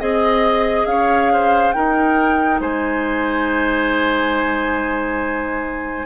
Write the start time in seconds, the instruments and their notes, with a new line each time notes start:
0.00 bassoon C4, clarinet G#4, oboe D#5, flute D#5
0.86 bassoon C#4, oboe C#5, flute F5
1.33 oboe C5
1.73 clarinet D#4, bassoon D#4, oboe A#4, flute G5
2.60 bassoon G#3, oboe C5, flute G#5